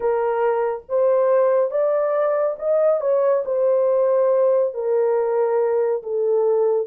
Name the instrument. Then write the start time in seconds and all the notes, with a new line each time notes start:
horn
0.00 A#4
0.88 C5
1.70 D5
2.58 D#5
3.00 C#5
3.45 C5
4.74 A#4
6.02 A4